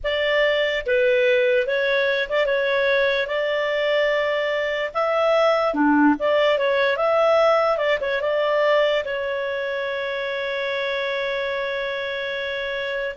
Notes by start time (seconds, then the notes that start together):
0.03 D5
0.86 B4
1.67 C#5
2.29 D5
2.45 C#5
3.27 D5
4.94 E5
5.73 D4
6.19 D5
6.58 C#5
6.96 E5
7.77 D5
8.00 C#5
8.21 D5
9.04 C#5